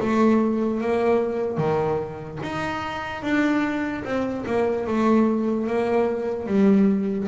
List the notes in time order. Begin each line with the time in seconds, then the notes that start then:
0.00 A3
0.81 A#3
1.58 D#3
2.43 D#4
3.23 D4
4.04 C4
4.47 A#3
4.87 A3
5.67 A#3
6.46 G3